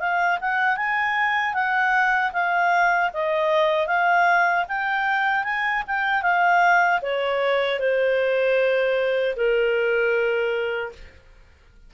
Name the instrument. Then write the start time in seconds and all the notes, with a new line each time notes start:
clarinet
0.00 F5
0.41 F#5
0.77 G#5
1.54 F#5
2.33 F5
3.13 D#5
3.87 F5
4.68 G5
5.44 G#5
5.87 G5
6.22 F5
7.02 C#5
7.80 C5
9.36 A#4